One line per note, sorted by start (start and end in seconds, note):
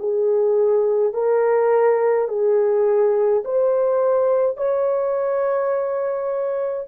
0.00 1.14 G#4
1.14 2.28 A#4
2.28 3.44 G#4
3.45 4.57 C5
4.57 6.88 C#5